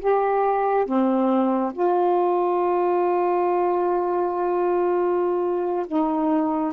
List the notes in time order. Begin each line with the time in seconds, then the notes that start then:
0.00 G4
0.86 C4
1.74 F4
5.87 D#4